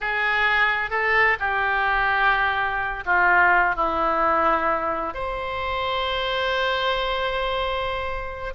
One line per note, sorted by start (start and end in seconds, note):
0.00 0.90 G#4
0.90 1.37 A4
1.39 3.03 G4
3.05 3.75 F4
3.75 5.13 E4
5.13 8.53 C5